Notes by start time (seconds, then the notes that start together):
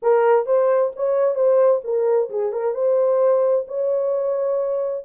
0.02 A#4
0.46 C5
0.96 C#5
1.35 C5
1.83 A#4
2.30 G#4
2.52 A#4
2.74 C5
3.67 C#5